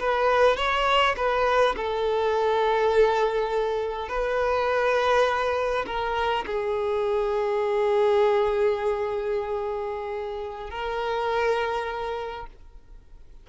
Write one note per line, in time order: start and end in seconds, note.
0.00 0.57 B4
0.57 1.16 C#5
1.17 1.76 B4
1.76 4.09 A4
4.09 5.85 B4
5.86 6.45 A#4
6.46 10.70 G#4
10.70 12.47 A#4